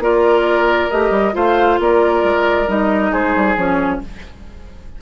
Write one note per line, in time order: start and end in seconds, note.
0.00 0.89 A#3
0.00 0.91 F4
0.00 1.36 A#4
0.00 0.91 D5
0.91 1.11 A3
0.91 1.33 G4
0.91 1.35 D#5
1.11 1.33 G3
1.33 1.80 A3
1.33 2.66 F4
1.33 1.80 C5
1.33 1.80 F5
1.80 2.24 A#3
1.80 3.12 A#4
1.80 2.70 D5
2.24 2.68 G#3
2.68 3.13 G3
2.68 3.57 D#4
2.68 3.14 D#5
3.12 3.36 G#3
3.12 4.01 G#4
3.12 3.57 C5
3.36 3.56 G3
3.56 4.01 F3
3.56 4.01 C#4
3.56 4.02 C#5